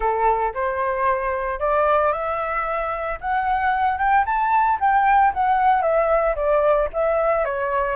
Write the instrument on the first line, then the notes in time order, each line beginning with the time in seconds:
flute
0.00 A4
0.54 C5
1.59 D5
2.12 E5
3.20 F#5
3.98 G5
4.25 A5
4.80 G5
5.33 F#5
5.82 E5
6.35 D5
6.93 E5
7.44 C#5